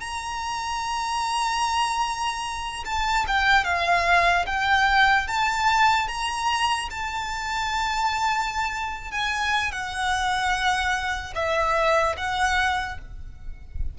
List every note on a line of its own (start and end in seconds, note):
0.00 2.84 A#5
2.85 3.25 A5
3.27 3.64 G5
3.64 4.45 F5
4.46 5.27 G5
5.27 6.07 A5
6.07 6.88 A#5
6.90 9.11 A5
9.11 9.71 G#5
9.71 11.33 F#5
11.34 12.15 E5
12.17 12.98 F#5